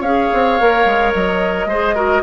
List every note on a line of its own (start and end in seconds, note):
0.00 0.28 C#4
0.00 0.60 G#4
0.00 1.65 C#5
0.00 1.12 F5
0.33 0.60 C4
0.60 0.85 A#3
0.60 1.70 A#4
0.85 1.13 G#3
1.13 1.66 F#3
1.13 2.22 D#5
1.66 2.21 G#3
1.66 1.96 G#4
1.66 1.94 C5
1.94 2.22 F#4
1.94 2.22 A#4